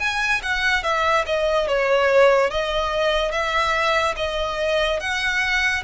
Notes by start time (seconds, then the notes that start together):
0.00 G#5
0.43 F#5
0.83 E5
1.27 D#5
1.68 C#5
2.51 D#5
3.32 E5
4.17 D#5
5.00 F#5